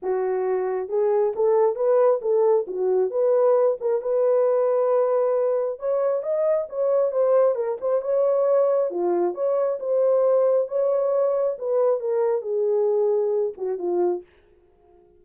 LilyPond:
\new Staff \with { instrumentName = "horn" } { \time 4/4 \tempo 4 = 135 fis'2 gis'4 a'4 | b'4 a'4 fis'4 b'4~ | b'8 ais'8 b'2.~ | b'4 cis''4 dis''4 cis''4 |
c''4 ais'8 c''8 cis''2 | f'4 cis''4 c''2 | cis''2 b'4 ais'4 | gis'2~ gis'8 fis'8 f'4 | }